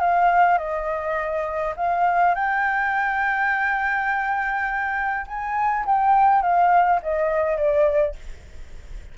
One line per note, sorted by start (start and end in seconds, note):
0.00 0.58 F5
0.58 1.74 D#5
1.77 2.35 F5
2.35 5.26 G5
5.27 5.85 G#5
5.86 6.42 G5
6.42 7.00 F5
7.02 7.57 D#5
7.57 8.16 D5